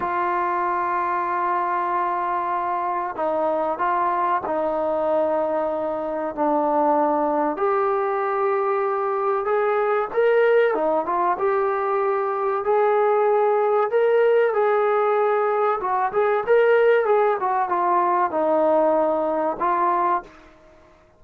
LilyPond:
\new Staff \with { instrumentName = "trombone" } { \time 4/4 \tempo 4 = 95 f'1~ | f'4 dis'4 f'4 dis'4~ | dis'2 d'2 | g'2. gis'4 |
ais'4 dis'8 f'8 g'2 | gis'2 ais'4 gis'4~ | gis'4 fis'8 gis'8 ais'4 gis'8 fis'8 | f'4 dis'2 f'4 | }